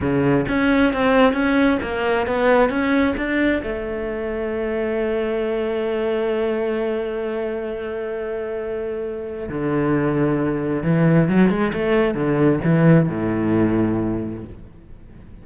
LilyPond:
\new Staff \with { instrumentName = "cello" } { \time 4/4 \tempo 4 = 133 cis4 cis'4 c'4 cis'4 | ais4 b4 cis'4 d'4 | a1~ | a1~ |
a1~ | a4 d2. | e4 fis8 gis8 a4 d4 | e4 a,2. | }